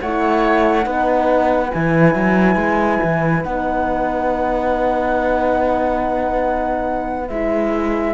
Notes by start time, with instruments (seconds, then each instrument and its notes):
0.00 cello A3, horn E4, oboe C#5, flute F#5
0.82 cello B3, horn D#4, oboe B4
1.71 cello E3, horn E4, flute G#5
2.14 cello F#3
2.55 cello G#3
3.03 cello E3
3.43 cello B3, horn D#4, flute F#5
7.28 cello G#3, horn E4, flute E5